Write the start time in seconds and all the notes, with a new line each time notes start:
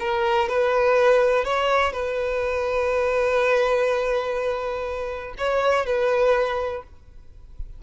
0.00 A#4
0.49 B4
1.45 C#5
1.93 B4
5.38 C#5
5.86 B4